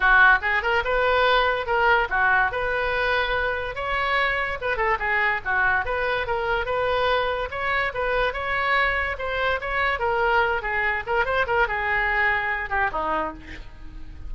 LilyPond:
\new Staff \with { instrumentName = "oboe" } { \time 4/4 \tempo 4 = 144 fis'4 gis'8 ais'8 b'2 | ais'4 fis'4 b'2~ | b'4 cis''2 b'8 a'8 | gis'4 fis'4 b'4 ais'4 |
b'2 cis''4 b'4 | cis''2 c''4 cis''4 | ais'4. gis'4 ais'8 c''8 ais'8 | gis'2~ gis'8 g'8 dis'4 | }